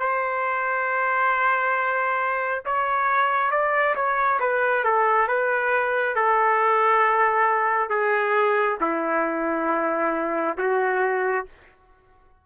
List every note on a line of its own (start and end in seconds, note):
0.00 2.65 C5
2.66 3.51 C#5
3.51 3.95 D5
3.96 4.40 C#5
4.40 4.84 B4
4.84 5.28 A4
5.28 6.16 B4
6.16 7.90 A4
7.90 8.78 G#4
8.81 10.58 E4
10.58 11.46 F#4